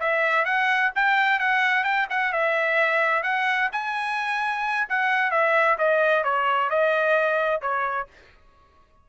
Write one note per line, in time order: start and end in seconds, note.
0.00 0.45 E5
0.45 0.91 F#5
0.95 1.40 G5
1.40 1.84 F#5
1.84 2.07 G5
2.10 2.33 F#5
2.33 3.23 E5
3.23 3.69 F#5
3.73 4.88 G#5
4.89 5.31 F#5
5.31 5.78 E5
5.78 6.24 D#5
6.24 6.70 C#5
6.70 7.61 D#5
7.61 8.07 C#5